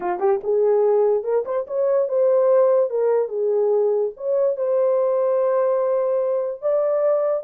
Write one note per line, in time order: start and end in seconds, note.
0.00 0.19 F4
0.19 0.40 G4
0.43 1.23 G#4
1.23 1.44 A#4
1.45 1.66 C5
1.67 2.08 C#5
2.08 2.90 C5
2.90 3.28 A#4
3.28 4.11 G#4
4.16 4.56 C#5
4.56 6.61 C5
6.61 7.43 D5